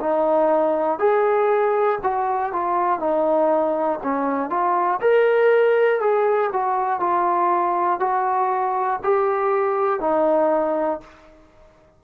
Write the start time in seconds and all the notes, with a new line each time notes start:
0.00 D#4
0.99 G#4
2.03 F#4
2.53 F4
3.00 D#4
4.03 C#4
4.50 F4
5.01 A#4
6.00 G#4
6.52 F#4
7.00 F4
8.00 F#4
9.04 G4
10.00 D#4